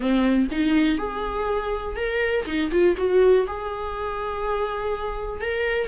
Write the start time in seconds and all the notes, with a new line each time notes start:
0.00 C4
0.51 D#4
0.98 G#4
1.96 A#4
2.46 D#4
2.71 F4
2.97 F#4
3.47 G#4
5.41 A#4